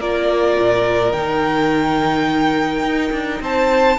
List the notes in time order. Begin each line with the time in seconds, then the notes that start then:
0.00 A#3 F4 A#4 D5
0.59 A#2
1.13 D#3 D#4 G5
2.82 D#4
3.12 D4
3.41 C4 C5 A5